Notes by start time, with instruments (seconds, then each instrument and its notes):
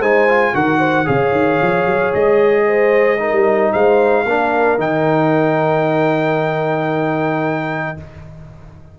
0.00 tuba G#3, trombone D#4, horn C5, trumpet G#5
0.29 trombone F4
0.54 tuba D#3, trombone F#4, horn A#4, trumpet F#5
0.79 horn C5
1.05 tuba C#3, trombone G#4, horn C#5, trumpet F5
1.32 tuba D#3
1.62 tuba F3
1.86 tuba F#3
2.14 tuba G#3, trumpet D#5
2.66 horn C5
3.19 trombone D#4, horn A#4
3.33 tuba G3
3.73 tuba G#3, horn C5, trumpet F5
4.25 tuba A#3, trombone D4, horn A#4
4.78 tuba D#3, trombone D#4, trumpet G5